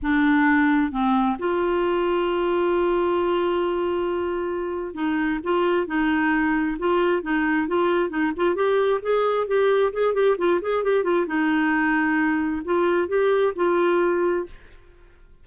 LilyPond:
\new Staff \with { instrumentName = "clarinet" } { \time 4/4 \tempo 4 = 133 d'2 c'4 f'4~ | f'1~ | f'2. dis'4 | f'4 dis'2 f'4 |
dis'4 f'4 dis'8 f'8 g'4 | gis'4 g'4 gis'8 g'8 f'8 gis'8 | g'8 f'8 dis'2. | f'4 g'4 f'2 | }